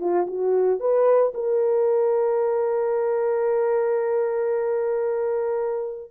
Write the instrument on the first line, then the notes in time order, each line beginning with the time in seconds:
horn
0.00 F4
0.27 F#4
0.80 B4
1.34 A#4